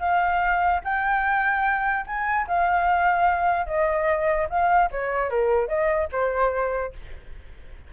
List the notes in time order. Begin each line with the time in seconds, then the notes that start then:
0.00 F5
0.84 G5
2.07 G#5
2.47 F5
3.67 D#5
4.50 F5
4.92 C#5
5.30 A#4
5.68 D#5
6.13 C5